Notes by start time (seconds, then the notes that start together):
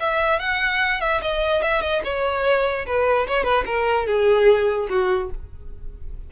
0.00 E5
0.40 F#5
1.01 E5
1.22 D#5
1.62 E5
1.81 D#5
2.04 C#5
2.86 B4
3.27 C#5
3.44 B4
3.66 A#4
4.07 G#4
4.90 F#4